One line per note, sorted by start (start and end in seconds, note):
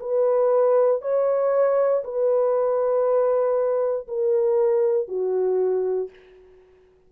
0.00 1.02 B4
1.02 2.03 C#5
2.04 4.07 B4
4.08 5.08 A#4
5.08 6.10 F#4